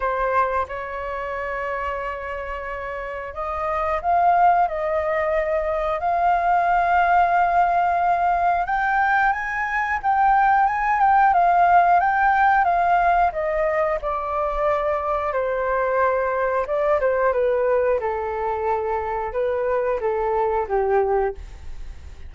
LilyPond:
\new Staff \with { instrumentName = "flute" } { \time 4/4 \tempo 4 = 90 c''4 cis''2.~ | cis''4 dis''4 f''4 dis''4~ | dis''4 f''2.~ | f''4 g''4 gis''4 g''4 |
gis''8 g''8 f''4 g''4 f''4 | dis''4 d''2 c''4~ | c''4 d''8 c''8 b'4 a'4~ | a'4 b'4 a'4 g'4 | }